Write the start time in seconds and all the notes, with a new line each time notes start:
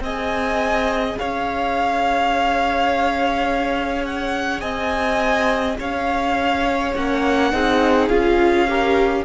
0.00 C4 G#4 D#5 G#5
1.18 C#4 C#5 F5
4.04 F#5
4.60 C4 D#5 G#5
5.79 C#4 C#5 F5
6.94 A#3 C#4 F#5
7.52 C4 D#4 G#4
8.08 C#4 F4 F5
8.68 G4 A#4